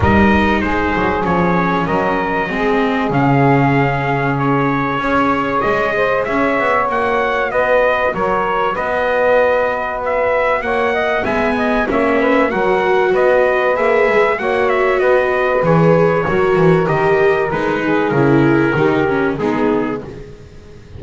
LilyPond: <<
  \new Staff \with { instrumentName = "trumpet" } { \time 4/4 \tempo 4 = 96 dis''4 c''4 cis''4 dis''4~ | dis''4 f''2 cis''4~ | cis''4 dis''4 e''4 fis''4 | dis''4 cis''4 dis''2 |
e''4 fis''4 gis''4 e''4 | fis''4 dis''4 e''4 fis''8 e''8 | dis''4 cis''2 dis''4 | b'4 ais'2 gis'4 | }
  \new Staff \with { instrumentName = "saxophone" } { \time 4/4 ais'4 gis'2 ais'4 | gis'1 | cis''4. c''8 cis''2 | b'4 ais'4 b'2~ |
b'4 cis''8 dis''8 e''8 dis''8 cis''8 b'8 | ais'4 b'2 cis''4 | b'2 ais'2~ | ais'8 gis'4. g'4 dis'4 | }
  \new Staff \with { instrumentName = "viola" } { \time 4/4 dis'2 cis'2 | c'4 cis'2. | gis'2. fis'4~ | fis'1~ |
fis'2 b4 cis'4 | fis'2 gis'4 fis'4~ | fis'4 gis'4 fis'4 g'4 | dis'4 e'4 dis'8 cis'8 b4 | }
  \new Staff \with { instrumentName = "double bass" } { \time 4/4 g4 gis8 fis8 f4 fis4 | gis4 cis2. | cis'4 gis4 cis'8 b8 ais4 | b4 fis4 b2~ |
b4 ais4 gis4 ais4 | fis4 b4 ais8 gis8 ais4 | b4 e4 fis8 e8 dis4 | gis4 cis4 dis4 gis4 | }
>>